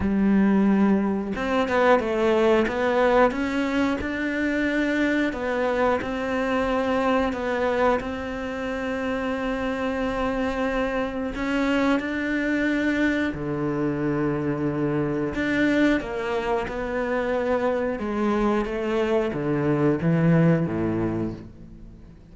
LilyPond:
\new Staff \with { instrumentName = "cello" } { \time 4/4 \tempo 4 = 90 g2 c'8 b8 a4 | b4 cis'4 d'2 | b4 c'2 b4 | c'1~ |
c'4 cis'4 d'2 | d2. d'4 | ais4 b2 gis4 | a4 d4 e4 a,4 | }